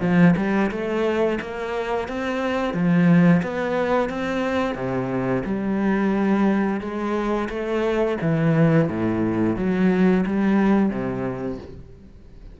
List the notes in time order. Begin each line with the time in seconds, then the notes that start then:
0.00 F3
0.36 G3
0.70 A3
1.41 A#3
2.08 C4
2.73 F3
3.42 B3
4.09 C4
4.74 C3
5.45 G3
6.80 G#3
7.49 A3
8.21 E3
8.88 A2
9.56 F#3
10.26 G3
10.89 C3